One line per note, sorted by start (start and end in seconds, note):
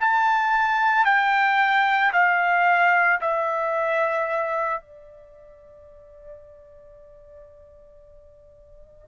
0.00 1.05 A5
1.05 2.12 G5
2.12 3.19 F5
3.21 4.81 E5
4.81 9.08 D5